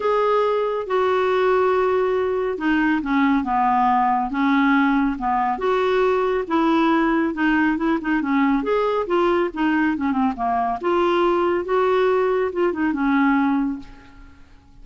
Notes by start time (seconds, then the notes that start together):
0.00 G#4
0.86 F#4
2.58 D#4
3.02 C#4
3.44 B3
4.30 C#4
5.18 B3
5.58 F#4
6.47 E4
7.34 D#4
7.77 E4
8.01 D#4
8.21 C#4
8.63 G#4
9.06 F4
9.53 D#4
9.96 C#4
10.11 C4
10.35 A#3
10.81 F4
11.64 F#4
12.52 F4
12.72 D#4
12.93 C#4